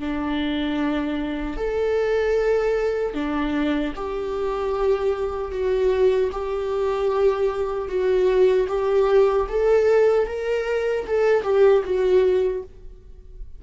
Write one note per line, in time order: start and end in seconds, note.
0.00 1.57 D4
1.57 3.15 A4
3.15 3.94 D4
3.96 5.52 G4
5.52 6.31 F#4
6.32 7.89 G4
7.89 8.68 F#4
8.68 9.47 G4
9.49 10.27 A4
10.27 11.06 A#4
11.07 11.44 A4
11.44 11.83 G4
11.85 12.64 F#4